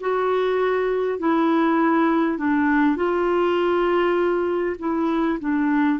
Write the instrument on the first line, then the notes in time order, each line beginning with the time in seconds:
clarinet
0.00 F#4
1.19 E4
2.38 D4
2.96 F4
4.79 E4
5.40 D4